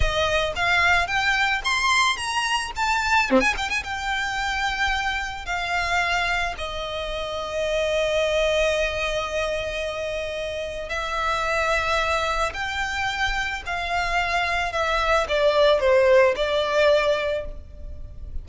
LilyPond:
\new Staff \with { instrumentName = "violin" } { \time 4/4 \tempo 4 = 110 dis''4 f''4 g''4 c'''4 | ais''4 a''4 c'16 gis''16 g''16 gis''16 g''4~ | g''2 f''2 | dis''1~ |
dis''1 | e''2. g''4~ | g''4 f''2 e''4 | d''4 c''4 d''2 | }